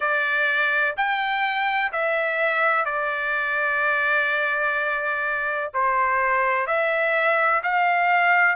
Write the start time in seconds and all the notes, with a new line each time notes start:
0.00 D5
0.96 G5
1.92 E5
2.85 D5
5.73 C5
6.66 E5
7.63 F5